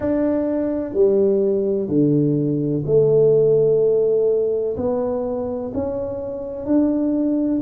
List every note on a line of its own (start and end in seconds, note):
0.00 0.93 D4
0.93 1.88 G3
1.88 2.83 D3
2.85 4.76 A3
4.76 5.71 B3
5.74 6.65 C#4
6.65 7.60 D4